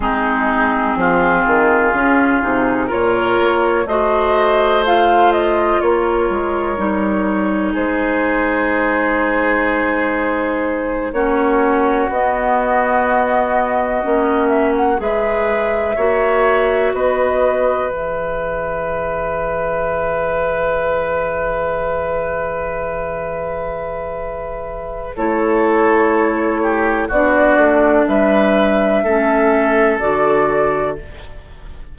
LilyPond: <<
  \new Staff \with { instrumentName = "flute" } { \time 4/4 \tempo 4 = 62 gis'2. cis''4 | dis''4 f''8 dis''8 cis''2 | c''2.~ c''8 cis''8~ | cis''8 dis''2~ dis''8 e''16 fis''16 e''8~ |
e''4. dis''4 e''4.~ | e''1~ | e''2 cis''2 | d''4 e''2 d''4 | }
  \new Staff \with { instrumentName = "oboe" } { \time 4/4 dis'4 f'2 ais'4 | c''2 ais'2 | gis'2.~ gis'8 fis'8~ | fis'2.~ fis'8 b'8~ |
b'8 cis''4 b'2~ b'8~ | b'1~ | b'2 a'4. g'8 | fis'4 b'4 a'2 | }
  \new Staff \with { instrumentName = "clarinet" } { \time 4/4 c'2 cis'8 dis'8 f'4 | fis'4 f'2 dis'4~ | dis'2.~ dis'8 cis'8~ | cis'8 b2 cis'4 gis'8~ |
gis'8 fis'2 gis'4.~ | gis'1~ | gis'2 e'2 | d'2 cis'4 fis'4 | }
  \new Staff \with { instrumentName = "bassoon" } { \time 4/4 gis4 f8 dis8 cis8 c8 ais,8 ais8 | a2 ais8 gis8 g4 | gis2.~ gis8 ais8~ | ais8 b2 ais4 gis8~ |
gis8 ais4 b4 e4.~ | e1~ | e2 a2 | b8 a8 g4 a4 d4 | }
>>